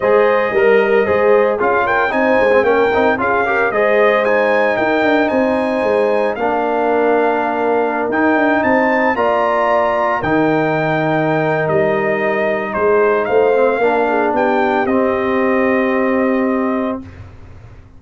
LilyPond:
<<
  \new Staff \with { instrumentName = "trumpet" } { \time 4/4 \tempo 4 = 113 dis''2. f''8 g''8 | gis''4 g''4 f''4 dis''4 | gis''4 g''4 gis''2 | f''2.~ f''16 g''8.~ |
g''16 a''4 ais''2 g''8.~ | g''2 dis''2 | c''4 f''2 g''4 | dis''1 | }
  \new Staff \with { instrumentName = "horn" } { \time 4/4 c''4 ais'4 c''4 gis'8 ais'8 | c''4 ais'4 gis'8 ais'8 c''4~ | c''4 ais'4 c''2 | ais'1~ |
ais'16 c''4 d''2 ais'8.~ | ais'1 | gis'4 c''4 ais'8 gis'8 g'4~ | g'1 | }
  \new Staff \with { instrumentName = "trombone" } { \time 4/4 gis'4 ais'4 gis'4 f'4 | dis'8. c'16 cis'8 dis'8 f'8 g'8 gis'4 | dis'1 | d'2.~ d'16 dis'8.~ |
dis'4~ dis'16 f'2 dis'8.~ | dis'1~ | dis'4. c'8 d'2 | c'1 | }
  \new Staff \with { instrumentName = "tuba" } { \time 4/4 gis4 g4 gis4 cis'4 | c'8 gis8 ais8 c'8 cis'4 gis4~ | gis4 dis'8 d'8 c'4 gis4 | ais2.~ ais16 dis'8 d'16~ |
d'16 c'4 ais2 dis8.~ | dis2 g2 | gis4 a4 ais4 b4 | c'1 | }
>>